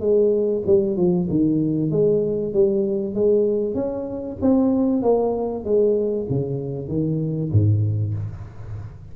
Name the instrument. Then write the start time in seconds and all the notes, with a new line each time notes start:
tuba
0.00 G#3
0.66 G3
0.97 F3
1.30 D#3
1.91 G#3
2.53 G3
3.15 G#3
3.75 C#4
4.41 C4
5.02 A#3
5.64 G#3
6.30 C#3
6.88 D#3
7.52 G#2